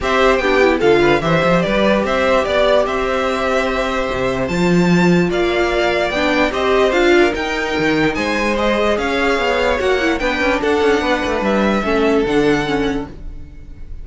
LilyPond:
<<
  \new Staff \with { instrumentName = "violin" } { \time 4/4 \tempo 4 = 147 e''4 g''4 f''4 e''4 | d''4 e''4 d''4 e''4~ | e''2. a''4~ | a''4 f''2 g''4 |
dis''4 f''4 g''2 | gis''4 dis''4 f''2 | fis''4 g''4 fis''2 | e''2 fis''2 | }
  \new Staff \with { instrumentName = "violin" } { \time 4/4 c''4 g'4 a'8 b'8 c''4 | b'4 c''4 d''4 c''4~ | c''1~ | c''4 d''2. |
c''4. ais'2~ ais'8 | c''2 cis''2~ | cis''4 b'4 a'4 b'4~ | b'4 a'2. | }
  \new Staff \with { instrumentName = "viola" } { \time 4/4 g'4 d'8 e'8 f'4 g'4~ | g'1~ | g'2. f'4~ | f'2. d'4 |
g'4 f'4 dis'2~ | dis'4 gis'2. | fis'8 e'8 d'2.~ | d'4 cis'4 d'4 cis'4 | }
  \new Staff \with { instrumentName = "cello" } { \time 4/4 c'4 b4 d4 e8 f8 | g4 c'4 b4 c'4~ | c'2 c4 f4~ | f4 ais2 b4 |
c'4 d'4 dis'4 dis4 | gis2 cis'4 b4 | ais4 b8 cis'8 d'8 cis'8 b8 a8 | g4 a4 d2 | }
>>